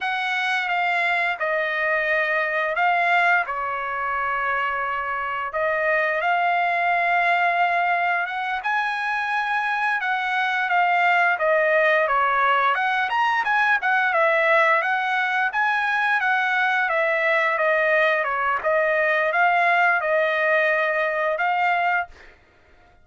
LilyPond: \new Staff \with { instrumentName = "trumpet" } { \time 4/4 \tempo 4 = 87 fis''4 f''4 dis''2 | f''4 cis''2. | dis''4 f''2. | fis''8 gis''2 fis''4 f''8~ |
f''8 dis''4 cis''4 fis''8 ais''8 gis''8 | fis''8 e''4 fis''4 gis''4 fis''8~ | fis''8 e''4 dis''4 cis''8 dis''4 | f''4 dis''2 f''4 | }